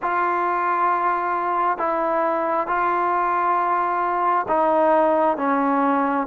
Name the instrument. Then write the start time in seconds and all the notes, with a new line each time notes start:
trombone
0.02 F4
1.78 E4
2.67 F4
4.48 D#4
5.37 C#4